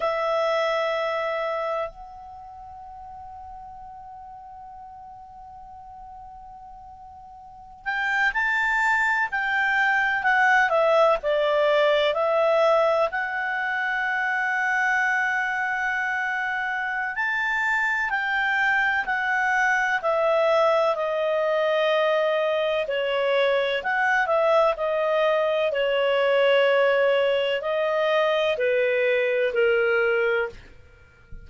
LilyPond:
\new Staff \with { instrumentName = "clarinet" } { \time 4/4 \tempo 4 = 63 e''2 fis''2~ | fis''1~ | fis''16 g''8 a''4 g''4 fis''8 e''8 d''16~ | d''8. e''4 fis''2~ fis''16~ |
fis''2 a''4 g''4 | fis''4 e''4 dis''2 | cis''4 fis''8 e''8 dis''4 cis''4~ | cis''4 dis''4 b'4 ais'4 | }